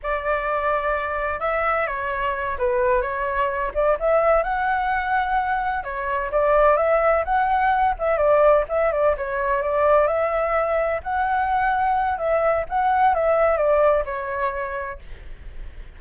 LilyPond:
\new Staff \with { instrumentName = "flute" } { \time 4/4 \tempo 4 = 128 d''2. e''4 | cis''4. b'4 cis''4. | d''8 e''4 fis''2~ fis''8~ | fis''8 cis''4 d''4 e''4 fis''8~ |
fis''4 e''8 d''4 e''8 d''8 cis''8~ | cis''8 d''4 e''2 fis''8~ | fis''2 e''4 fis''4 | e''4 d''4 cis''2 | }